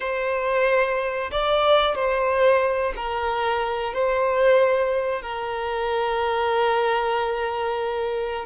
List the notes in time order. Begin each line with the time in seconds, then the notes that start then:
0.00 C5
1.31 D5
1.95 C5
2.96 A#4
3.93 C5
5.22 A#4